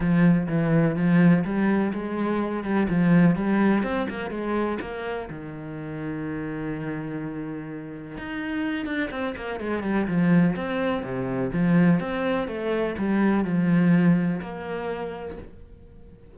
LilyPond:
\new Staff \with { instrumentName = "cello" } { \time 4/4 \tempo 4 = 125 f4 e4 f4 g4 | gis4. g8 f4 g4 | c'8 ais8 gis4 ais4 dis4~ | dis1~ |
dis4 dis'4. d'8 c'8 ais8 | gis8 g8 f4 c'4 c4 | f4 c'4 a4 g4 | f2 ais2 | }